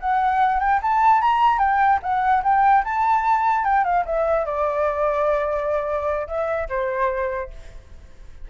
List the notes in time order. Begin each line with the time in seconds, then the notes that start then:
0.00 F#5
0.60 G5
0.82 A5
1.21 A#5
1.59 G5
2.03 F#5
2.43 G5
2.84 A5
3.64 G5
3.84 F5
4.05 E5
4.45 D5
6.27 E5
6.69 C5